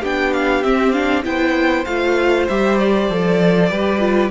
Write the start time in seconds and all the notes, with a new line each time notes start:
0.00 B3 D4 G4 G5
0.33 F5
0.63 C4 E5
0.92 D4 F5
1.23 B3 E4 C5 G5
1.85 A3 F4 F5
2.48 G3 G4 E5
2.78 D5
3.09 F3 A4
3.70 G3 G4 B4
3.99 F4